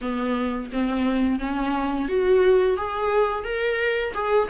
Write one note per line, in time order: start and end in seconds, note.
0.01 0.70 B3
0.72 1.39 C4
1.39 2.08 C#4
2.08 2.76 F#4
2.76 3.44 G#4
3.44 4.13 A#4
4.13 4.48 G#4